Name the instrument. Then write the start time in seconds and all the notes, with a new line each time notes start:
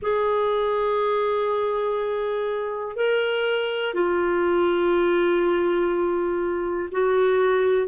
clarinet
0.02 G#4
2.96 A#4
3.94 F4
6.91 F#4